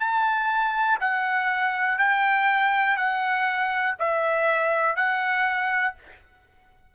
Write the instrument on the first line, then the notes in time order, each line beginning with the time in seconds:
trumpet
0.00 A5
1.01 F#5
1.99 G5
2.97 F#5
3.99 E5
4.96 F#5